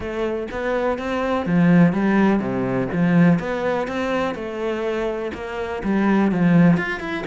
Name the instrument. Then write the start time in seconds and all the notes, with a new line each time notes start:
cello
0.00 A3
0.51 B3
0.98 C4
1.45 F3
1.92 G3
2.39 C3
2.92 F3
3.39 B3
3.87 C4
4.34 A3
5.34 A#3
5.83 G3
6.31 F3
6.77 F4
7.00 E4